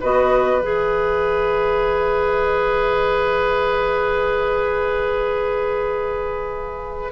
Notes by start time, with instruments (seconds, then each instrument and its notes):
0.00 bassoon B3, clarinet F#4, oboe B4, flute D#5
0.61 bassoon E3, clarinet G#4, flute E5